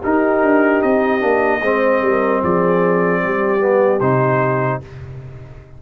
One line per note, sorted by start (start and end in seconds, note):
0.00 1.20 D#4
0.00 0.43 D#4
0.00 1.60 G4
0.00 0.82 A#4
0.43 0.83 D4
0.82 1.23 C4
0.82 2.42 D#5
1.20 1.61 A#3
1.20 1.60 D4
1.61 2.01 G#3
1.61 3.60 C4
1.61 2.02 C5
2.02 2.42 G3
2.02 2.41 A#4
2.41 3.24 F3
2.41 3.21 G#4
2.41 4.00 D5
3.22 4.01 G3
3.22 4.82 G4
3.60 4.00 B3
4.00 4.81 C3
4.00 4.82 D#4
4.00 4.80 C5